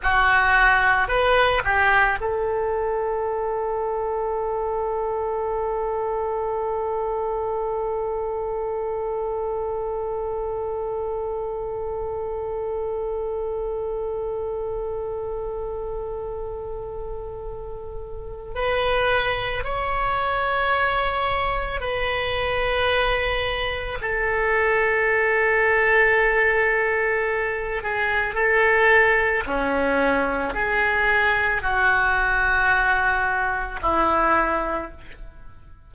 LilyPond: \new Staff \with { instrumentName = "oboe" } { \time 4/4 \tempo 4 = 55 fis'4 b'8 g'8 a'2~ | a'1~ | a'1~ | a'1~ |
a'4 b'4 cis''2 | b'2 a'2~ | a'4. gis'8 a'4 cis'4 | gis'4 fis'2 e'4 | }